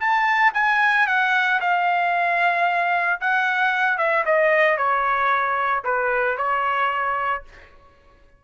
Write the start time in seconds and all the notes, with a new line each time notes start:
0.00 A5
0.54 G#5
1.07 F#5
1.61 F5
3.21 F#5
3.98 E5
4.26 D#5
4.78 C#5
5.85 B4
6.38 C#5